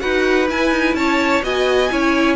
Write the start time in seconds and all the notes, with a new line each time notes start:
0.00 D#4 F#4 B4 F#5
0.50 E4 G#5
0.71 D#4
0.95 C#4 C#5 A5
1.43 B3 F#4 D#5 G#5
1.91 C#4 E4 C#5